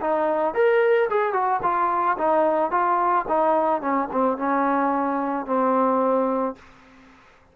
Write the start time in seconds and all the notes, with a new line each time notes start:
0.00 D#4
0.54 A#4
1.09 G#4
1.33 F#4
1.62 F4
2.17 D#4
2.70 F4
3.28 D#4
3.81 C#4
4.12 C4
4.37 C#4
5.46 C4